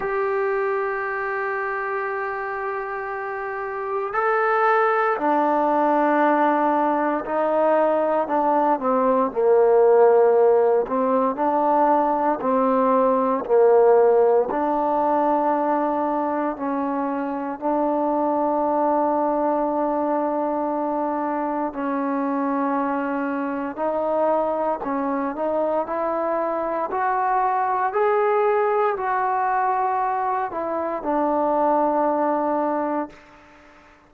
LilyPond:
\new Staff \with { instrumentName = "trombone" } { \time 4/4 \tempo 4 = 58 g'1 | a'4 d'2 dis'4 | d'8 c'8 ais4. c'8 d'4 | c'4 ais4 d'2 |
cis'4 d'2.~ | d'4 cis'2 dis'4 | cis'8 dis'8 e'4 fis'4 gis'4 | fis'4. e'8 d'2 | }